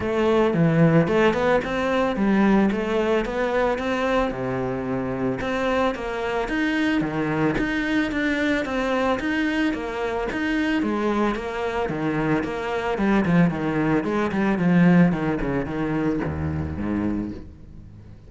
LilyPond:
\new Staff \with { instrumentName = "cello" } { \time 4/4 \tempo 4 = 111 a4 e4 a8 b8 c'4 | g4 a4 b4 c'4 | c2 c'4 ais4 | dis'4 dis4 dis'4 d'4 |
c'4 dis'4 ais4 dis'4 | gis4 ais4 dis4 ais4 | g8 f8 dis4 gis8 g8 f4 | dis8 cis8 dis4 dis,4 gis,4 | }